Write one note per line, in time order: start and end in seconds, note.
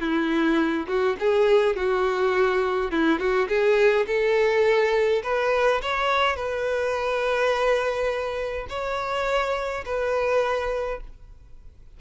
0.00 0.87 E4
0.87 1.16 F#4
1.19 1.76 G#4
1.76 2.91 F#4
2.91 3.19 E4
3.19 3.48 F#4
3.48 4.06 G#4
4.06 5.22 A4
5.23 5.81 B4
5.82 6.36 C#5
6.36 8.66 B4
8.69 9.84 C#5
9.85 11.00 B4